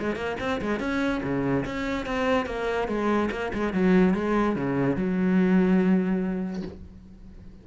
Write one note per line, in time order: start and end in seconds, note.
0.00 0.16 G#3
0.16 0.37 A#3
0.41 0.61 C4
0.62 0.80 G#3
0.80 1.22 C#4
1.23 1.65 C#3
1.66 2.06 C#4
2.06 2.47 C4
2.47 2.88 A#3
2.89 3.30 G#3
3.32 3.53 A#3
3.54 3.73 G#3
3.73 4.14 F#3
4.14 4.56 G#3
4.56 4.96 C#3
4.96 6.63 F#3